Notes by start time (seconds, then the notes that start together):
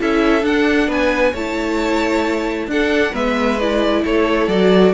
0.00 C#4 E4 A4 E5
0.43 D4 F#5
0.88 B3 B4 G#5
1.32 A3 E4 C#5 A5
2.68 D4 A4 F#5
3.12 G#3 B3 B4 E5
3.60 E4 D5
4.05 A3 A4 C#5
4.48 F#3 F#4 D5